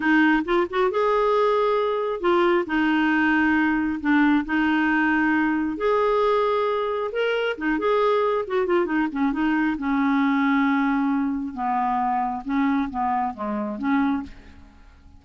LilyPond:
\new Staff \with { instrumentName = "clarinet" } { \time 4/4 \tempo 4 = 135 dis'4 f'8 fis'8 gis'2~ | gis'4 f'4 dis'2~ | dis'4 d'4 dis'2~ | dis'4 gis'2. |
ais'4 dis'8 gis'4. fis'8 f'8 | dis'8 cis'8 dis'4 cis'2~ | cis'2 b2 | cis'4 b4 gis4 cis'4 | }